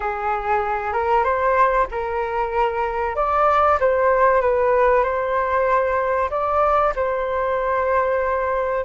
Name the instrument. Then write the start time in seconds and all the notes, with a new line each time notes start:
flute
0.00 G#4
0.93 A#4
1.23 C5
1.91 A#4
3.15 D5
3.80 C5
4.41 B4
5.03 C5
6.30 D5
6.95 C5